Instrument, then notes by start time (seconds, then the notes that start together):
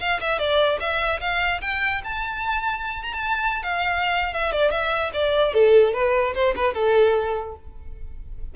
violin
0.00 F5
0.21 E5
0.39 D5
0.80 E5
1.20 F5
1.61 G5
2.04 A5
3.03 A#5
3.13 A5
3.63 F5
4.33 E5
4.52 D5
4.71 E5
5.13 D5
5.54 A4
5.94 B4
6.34 C5
6.56 B4
6.74 A4